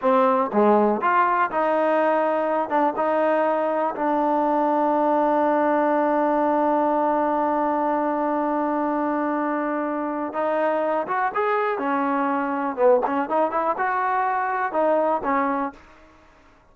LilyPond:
\new Staff \with { instrumentName = "trombone" } { \time 4/4 \tempo 4 = 122 c'4 gis4 f'4 dis'4~ | dis'4. d'8 dis'2 | d'1~ | d'1~ |
d'1~ | d'4 dis'4. fis'8 gis'4 | cis'2 b8 cis'8 dis'8 e'8 | fis'2 dis'4 cis'4 | }